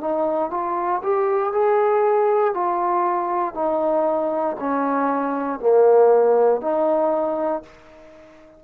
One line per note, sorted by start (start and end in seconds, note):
0.00 0.50 D#4
0.50 1.01 F4
1.03 1.52 G4
1.52 2.54 G#4
2.54 3.54 F4
3.54 4.56 D#4
4.59 5.59 C#4
5.59 6.61 A#3
6.61 7.62 D#4